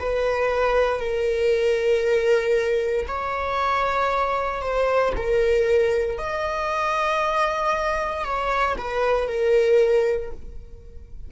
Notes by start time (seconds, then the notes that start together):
0.00 B4
1.00 A#4
3.08 C#5
4.62 C5
5.17 A#4
6.19 D#5
8.25 C#5
8.78 B4
9.28 A#4